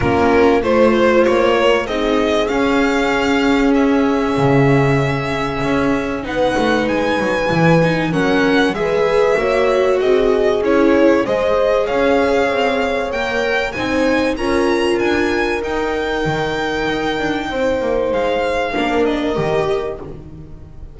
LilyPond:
<<
  \new Staff \with { instrumentName = "violin" } { \time 4/4 \tempo 4 = 96 ais'4 c''4 cis''4 dis''4 | f''2 e''2~ | e''2 fis''4 gis''4~ | gis''4 fis''4 e''2 |
dis''4 cis''4 dis''4 f''4~ | f''4 g''4 gis''4 ais''4 | gis''4 g''2.~ | g''4 f''4. dis''4. | }
  \new Staff \with { instrumentName = "horn" } { \time 4/4 f'4 c''4. ais'8 gis'4~ | gis'1~ | gis'2 b'2~ | b'4 ais'4 b'4 cis''4 |
gis'2 c''4 cis''4~ | cis''2 c''4 ais'4~ | ais'1 | c''2 ais'2 | }
  \new Staff \with { instrumentName = "viola" } { \time 4/4 cis'4 f'2 dis'4 | cis'1~ | cis'2 dis'2 | e'8 dis'8 cis'4 gis'4 fis'4~ |
fis'4 e'4 gis'2~ | gis'4 ais'4 dis'4 f'4~ | f'4 dis'2.~ | dis'2 d'4 g'4 | }
  \new Staff \with { instrumentName = "double bass" } { \time 4/4 ais4 a4 ais4 c'4 | cis'2. cis4~ | cis4 cis'4 b8 a8 gis8 fis8 | e4 fis4 gis4 ais4 |
c'4 cis'4 gis4 cis'4 | c'4 ais4 c'4 cis'4 | d'4 dis'4 dis4 dis'8 d'8 | c'8 ais8 gis4 ais4 dis4 | }
>>